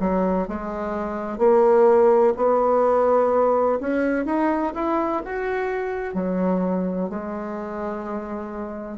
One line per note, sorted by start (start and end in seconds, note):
0.00 0.48 F#3
0.48 1.38 G#3
1.38 2.33 A#3
2.36 3.79 B3
3.80 4.26 C#4
4.26 4.73 D#4
4.74 5.22 E4
5.25 6.14 F#4
6.14 7.09 F#3
7.10 8.98 G#3